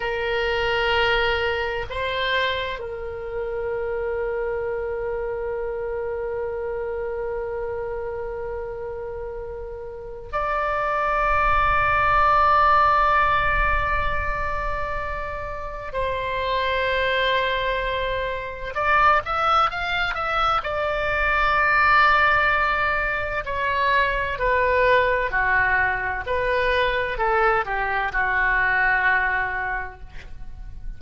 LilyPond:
\new Staff \with { instrumentName = "oboe" } { \time 4/4 \tempo 4 = 64 ais'2 c''4 ais'4~ | ais'1~ | ais'2. d''4~ | d''1~ |
d''4 c''2. | d''8 e''8 f''8 e''8 d''2~ | d''4 cis''4 b'4 fis'4 | b'4 a'8 g'8 fis'2 | }